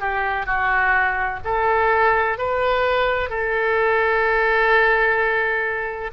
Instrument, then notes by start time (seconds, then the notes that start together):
oboe
0.00 G4
0.46 F#4
1.44 A4
2.38 B4
3.29 A4